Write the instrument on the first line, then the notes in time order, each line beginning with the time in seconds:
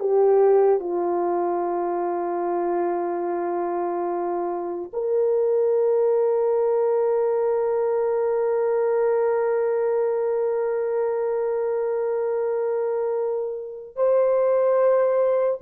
horn
0.00 G4
0.80 F4
4.93 A#4
13.96 C5